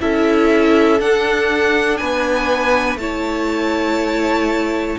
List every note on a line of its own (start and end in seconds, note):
0.00 1.00 C#4
0.00 0.99 E4
0.00 2.00 A4
0.00 1.01 E5
0.99 2.99 D4
0.99 2.00 D4
0.99 1.97 F#5
1.97 2.95 B3
1.97 3.00 B4
1.97 2.97 G#5
2.95 4.95 A3
2.95 4.99 E4
2.95 4.99 C#5
2.95 4.99 A5